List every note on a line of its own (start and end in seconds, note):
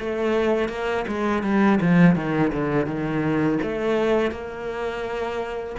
0.00 0.69 A3
0.69 1.05 A#3
1.08 1.43 G#3
1.43 1.79 G3
1.81 2.16 F3
2.16 2.52 D#3
2.53 2.86 D3
2.86 3.58 D#3
3.62 4.32 A3
4.32 5.76 A#3